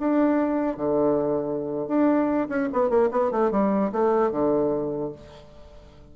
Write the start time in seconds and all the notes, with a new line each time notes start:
0.00 D4
0.77 D3
1.88 D4
2.49 C#4
2.73 B3
2.90 A#3
3.12 B3
3.31 A3
3.52 G3
3.92 A3
4.32 D3